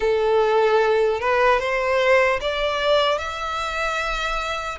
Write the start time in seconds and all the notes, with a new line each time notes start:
0.00 A4
1.20 B4
1.59 C5
2.40 D5
3.18 E5